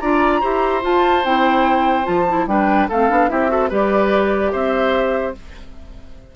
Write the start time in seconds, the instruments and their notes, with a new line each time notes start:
0.00 bassoon D4, clarinet F4, oboe D5, flute A#5
0.41 bassoon E4, clarinet G4, oboe C5
0.82 clarinet F4, bassoon F4, flute A5
1.25 bassoon C4, clarinet E4, flute G5
2.04 bassoon F3, clarinet F4, flute A5
2.29 clarinet E4
2.47 bassoon G3, clarinet D4, oboe B4, flute G5
2.89 bassoon A3, clarinet C4, oboe A4, flute F5
3.10 bassoon B3, clarinet D4
3.29 bassoon C4, clarinet E4, oboe G4, flute E5
3.49 clarinet F#4, oboe A4
3.70 bassoon G3, clarinet G4, oboe B4, flute D5
4.52 bassoon C4, oboe C5, flute E5